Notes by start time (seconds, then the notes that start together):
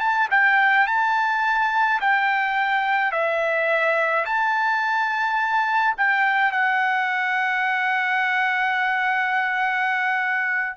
0.00 A5
0.31 G5
0.87 A5
2.01 G5
3.12 E5
4.26 A5
5.97 G5
6.52 F#5